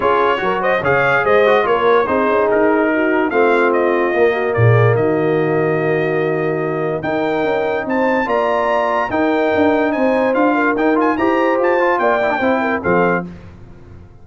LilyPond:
<<
  \new Staff \with { instrumentName = "trumpet" } { \time 4/4 \tempo 4 = 145 cis''4. dis''8 f''4 dis''4 | cis''4 c''4 ais'2 | f''4 dis''2 d''4 | dis''1~ |
dis''4 g''2 a''4 | ais''2 g''2 | gis''4 f''4 g''8 gis''8 ais''4 | a''4 g''2 f''4 | }
  \new Staff \with { instrumentName = "horn" } { \time 4/4 gis'4 ais'8 c''8 cis''4 c''4 | ais'4 gis'2 fis'4 | f'2~ f'8 fis'8 gis'4 | fis'1~ |
fis'4 ais'2 c''4 | d''2 ais'2 | c''4. ais'4. c''4~ | c''4 d''4 c''8 ais'8 a'4 | }
  \new Staff \with { instrumentName = "trombone" } { \time 4/4 f'4 fis'4 gis'4. fis'8 | f'4 dis'2. | c'2 ais2~ | ais1~ |
ais4 dis'2. | f'2 dis'2~ | dis'4 f'4 dis'8 f'8 g'4~ | g'8 f'4 e'16 d'16 e'4 c'4 | }
  \new Staff \with { instrumentName = "tuba" } { \time 4/4 cis'4 fis4 cis4 gis4 | ais4 c'8 cis'8 dis'2 | a2 ais4 ais,4 | dis1~ |
dis4 dis'4 cis'4 c'4 | ais2 dis'4 d'4 | c'4 d'4 dis'4 e'4 | f'4 ais4 c'4 f4 | }
>>